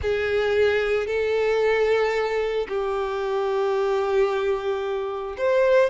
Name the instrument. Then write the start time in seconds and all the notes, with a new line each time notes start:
violin
0.01 G#4
1.06 A4
2.68 G4
5.37 C5